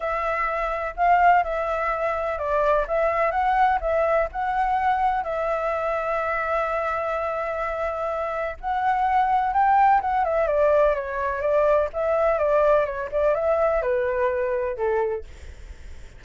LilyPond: \new Staff \with { instrumentName = "flute" } { \time 4/4 \tempo 4 = 126 e''2 f''4 e''4~ | e''4 d''4 e''4 fis''4 | e''4 fis''2 e''4~ | e''1~ |
e''2 fis''2 | g''4 fis''8 e''8 d''4 cis''4 | d''4 e''4 d''4 cis''8 d''8 | e''4 b'2 a'4 | }